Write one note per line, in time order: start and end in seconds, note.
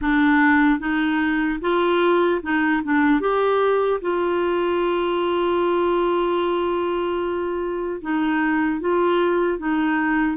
0.01 0.79 D4
0.79 1.59 D#4
1.61 2.41 F4
2.42 2.82 D#4
2.83 3.20 D4
3.20 4.00 G4
4.01 8.01 F4
8.01 8.80 D#4
8.80 9.58 F4
9.58 10.37 D#4